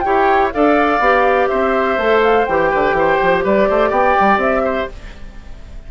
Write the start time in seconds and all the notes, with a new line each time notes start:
0.00 E4 G4 C#5 G5
0.53 D4 A4 D5 F5
1.00 B3 G4
1.48 C4 C5 E5
1.98 A3 A4
2.23 F5
2.46 E3 G4 G5
2.70 D3 B4
2.93 E3 C5
3.22 F3
3.44 G3 B4 D5
3.68 A3 C5
3.89 B3 D5 G5
4.21 G3
4.37 C4 E5
4.64 C5